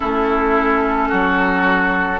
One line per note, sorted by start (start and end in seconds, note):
0.00 1.12 A3
0.00 2.18 C#4
0.00 1.09 E4
0.00 2.20 A4
1.09 2.20 F#3
1.09 2.20 F#4